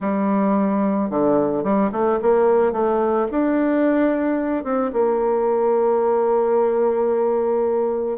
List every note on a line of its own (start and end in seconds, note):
0.00 1.09 G3
1.09 1.63 D3
1.63 1.90 G3
1.92 2.19 A3
2.22 2.72 A#3
2.72 3.27 A3
3.31 4.64 D4
4.64 4.91 C4
4.92 8.17 A#3